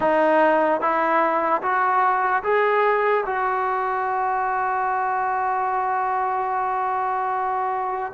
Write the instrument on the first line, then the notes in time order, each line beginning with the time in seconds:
trombone
0.00 D#4
0.80 E4
1.61 F#4
2.43 G#4
3.26 F#4